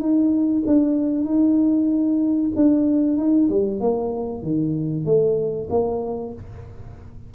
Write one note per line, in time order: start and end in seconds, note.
0.00 0.63 D#4
0.67 1.25 D4
1.25 2.51 D#4
2.56 3.18 D4
3.18 3.49 D#4
3.49 3.81 G3
3.81 4.42 A#3
4.42 5.05 D#3
5.05 5.68 A3
5.70 6.33 A#3